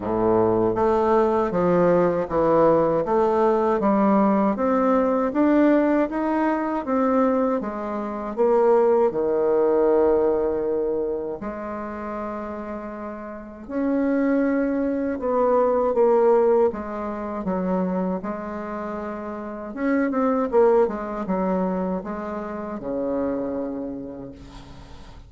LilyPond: \new Staff \with { instrumentName = "bassoon" } { \time 4/4 \tempo 4 = 79 a,4 a4 f4 e4 | a4 g4 c'4 d'4 | dis'4 c'4 gis4 ais4 | dis2. gis4~ |
gis2 cis'2 | b4 ais4 gis4 fis4 | gis2 cis'8 c'8 ais8 gis8 | fis4 gis4 cis2 | }